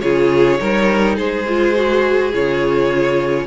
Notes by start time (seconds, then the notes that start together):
0.00 C#3 F4 G#4 C#5
0.58 G3 D#4 A#4
1.15 G#3 G#4 C5
1.47 F4
1.74 F#4
2.32 C#3 F4 C#5